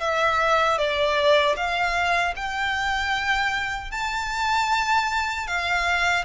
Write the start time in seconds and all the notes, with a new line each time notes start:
0.00 E5
0.78 D5
1.56 F5
2.36 G5
3.91 A5
5.47 F5